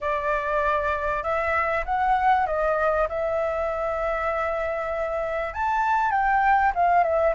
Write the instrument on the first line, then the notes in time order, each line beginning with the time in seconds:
flute
0.00 D5
1.23 E5
1.85 F#5
2.46 D#5
3.08 E5
5.53 A5
6.11 G5
6.74 F5
7.03 E5